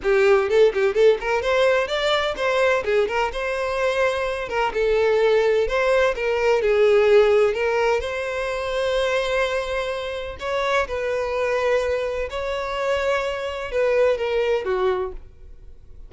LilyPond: \new Staff \with { instrumentName = "violin" } { \time 4/4 \tempo 4 = 127 g'4 a'8 g'8 a'8 ais'8 c''4 | d''4 c''4 gis'8 ais'8 c''4~ | c''4. ais'8 a'2 | c''4 ais'4 gis'2 |
ais'4 c''2.~ | c''2 cis''4 b'4~ | b'2 cis''2~ | cis''4 b'4 ais'4 fis'4 | }